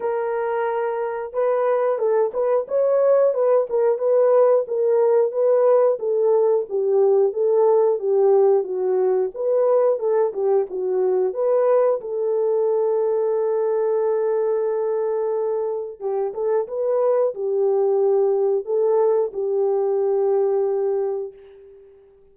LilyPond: \new Staff \with { instrumentName = "horn" } { \time 4/4 \tempo 4 = 90 ais'2 b'4 a'8 b'8 | cis''4 b'8 ais'8 b'4 ais'4 | b'4 a'4 g'4 a'4 | g'4 fis'4 b'4 a'8 g'8 |
fis'4 b'4 a'2~ | a'1 | g'8 a'8 b'4 g'2 | a'4 g'2. | }